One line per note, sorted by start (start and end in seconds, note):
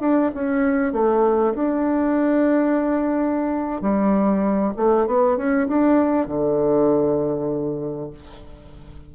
0.00 0.31 D4
0.34 0.92 C#4
0.92 1.54 A3
1.54 3.81 D4
3.81 4.73 G3
4.76 5.06 A3
5.06 5.37 B3
5.37 5.67 C#4
5.67 6.27 D4
6.27 8.11 D3